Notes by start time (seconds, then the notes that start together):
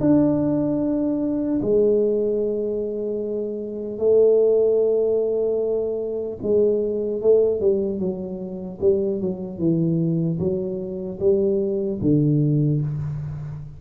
0.00 D4
1.61 G#3
3.98 A3
6.42 G#3
7.21 A3
7.60 G3
7.99 F#3
8.80 G3
9.20 F#3
9.58 E3
10.39 F#3
11.19 G3
12.01 D3